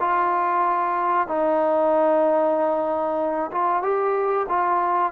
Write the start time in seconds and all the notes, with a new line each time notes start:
0.00 F4
1.28 D#4
3.52 F4
3.82 G4
4.49 F4